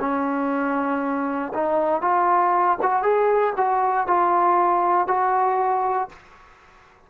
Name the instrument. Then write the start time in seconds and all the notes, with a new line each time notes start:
trombone
0.00 C#4
1.54 D#4
2.02 F4
2.82 F#4
3.03 G#4
3.56 F#4
4.07 F4
5.08 F#4